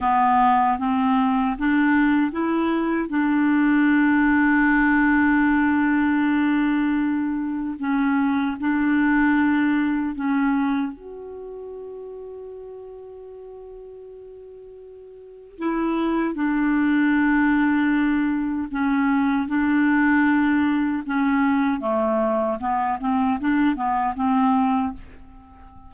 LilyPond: \new Staff \with { instrumentName = "clarinet" } { \time 4/4 \tempo 4 = 77 b4 c'4 d'4 e'4 | d'1~ | d'2 cis'4 d'4~ | d'4 cis'4 fis'2~ |
fis'1 | e'4 d'2. | cis'4 d'2 cis'4 | a4 b8 c'8 d'8 b8 c'4 | }